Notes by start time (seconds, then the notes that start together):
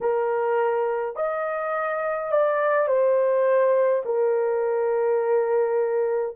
0.00 A#4
1.16 D#5
2.31 D5
2.87 C5
4.05 A#4